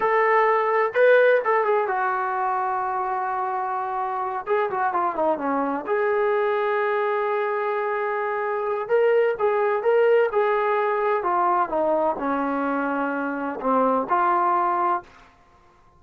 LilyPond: \new Staff \with { instrumentName = "trombone" } { \time 4/4 \tempo 4 = 128 a'2 b'4 a'8 gis'8 | fis'1~ | fis'4. gis'8 fis'8 f'8 dis'8 cis'8~ | cis'8 gis'2.~ gis'8~ |
gis'2. ais'4 | gis'4 ais'4 gis'2 | f'4 dis'4 cis'2~ | cis'4 c'4 f'2 | }